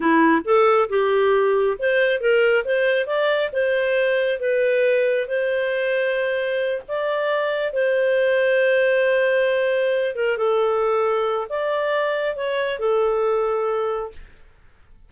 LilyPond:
\new Staff \with { instrumentName = "clarinet" } { \time 4/4 \tempo 4 = 136 e'4 a'4 g'2 | c''4 ais'4 c''4 d''4 | c''2 b'2 | c''2.~ c''8 d''8~ |
d''4. c''2~ c''8~ | c''2. ais'8 a'8~ | a'2 d''2 | cis''4 a'2. | }